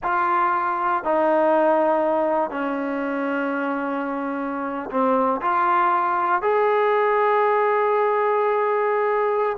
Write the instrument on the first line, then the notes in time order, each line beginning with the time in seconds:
trombone
0.03 F4
1.04 D#4
2.50 C#4
4.90 C4
5.41 F4
6.42 G#4